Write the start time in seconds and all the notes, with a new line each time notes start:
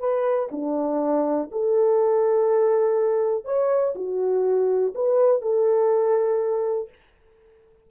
0.00 B4
0.52 D4
1.52 A4
3.45 C#5
3.96 F#4
4.95 B4
5.42 A4